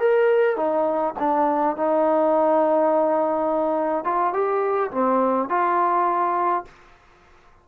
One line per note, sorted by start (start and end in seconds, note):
0.00 0.57 A#4
0.57 1.15 D#4
1.20 1.77 D4
1.77 4.05 D#4
4.05 4.33 F4
4.34 4.91 G4
4.92 5.50 C4
5.50 6.65 F4